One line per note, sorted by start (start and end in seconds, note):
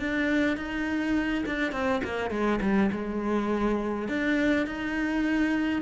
0.00 0.57 D4
0.57 1.45 D#4
1.46 1.72 D4
1.72 2.02 C4
2.04 2.31 A#3
2.31 2.60 G#3
2.62 2.91 G3
2.92 4.09 G#3
4.09 4.67 D4
4.67 5.82 D#4